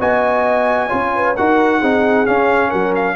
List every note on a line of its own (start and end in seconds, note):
0.00 0.91 B3
0.00 0.90 F#4
0.00 0.87 D#5
0.00 1.37 G#5
0.87 1.38 C#4
0.87 1.35 F4
0.87 1.10 C#5
1.15 1.38 B4
1.37 1.82 D#4
1.37 1.83 F#4
1.37 1.80 A#4
1.37 2.26 F#5
1.80 2.28 C4
1.80 2.26 D#4
1.80 2.69 G#4
2.26 3.17 C#4
2.26 2.73 C#4
2.26 2.71 F5
2.69 3.17 F#3
2.69 3.14 A#4
2.69 2.94 F#5
2.96 3.17 F5